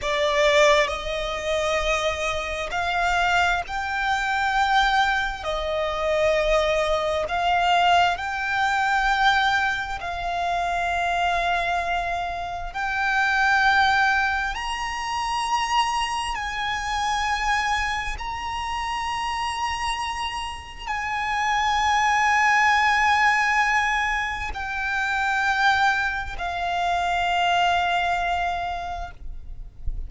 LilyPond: \new Staff \with { instrumentName = "violin" } { \time 4/4 \tempo 4 = 66 d''4 dis''2 f''4 | g''2 dis''2 | f''4 g''2 f''4~ | f''2 g''2 |
ais''2 gis''2 | ais''2. gis''4~ | gis''2. g''4~ | g''4 f''2. | }